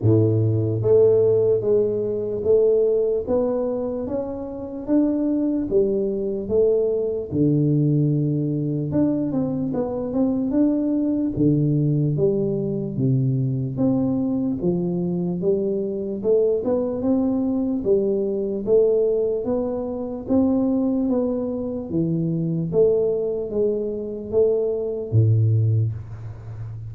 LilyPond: \new Staff \with { instrumentName = "tuba" } { \time 4/4 \tempo 4 = 74 a,4 a4 gis4 a4 | b4 cis'4 d'4 g4 | a4 d2 d'8 c'8 | b8 c'8 d'4 d4 g4 |
c4 c'4 f4 g4 | a8 b8 c'4 g4 a4 | b4 c'4 b4 e4 | a4 gis4 a4 a,4 | }